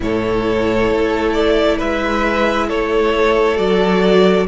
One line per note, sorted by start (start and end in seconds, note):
0.00 0.90 A2
0.00 3.57 E4
0.00 1.77 A4
0.00 1.32 C#5
0.90 1.80 A3
1.32 1.77 D5
1.77 2.70 G#3
1.77 2.67 B4
1.77 2.69 E5
2.67 3.58 A3
2.67 4.46 A4
2.67 3.57 C#5
3.57 4.47 F#3
3.57 4.46 F#4
3.57 4.46 D5